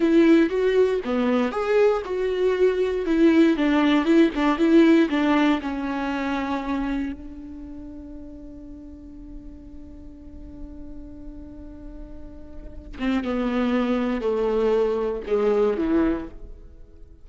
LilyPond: \new Staff \with { instrumentName = "viola" } { \time 4/4 \tempo 4 = 118 e'4 fis'4 b4 gis'4 | fis'2 e'4 d'4 | e'8 d'8 e'4 d'4 cis'4~ | cis'2 d'2~ |
d'1~ | d'1~ | d'4. c'8 b2 | a2 gis4 e4 | }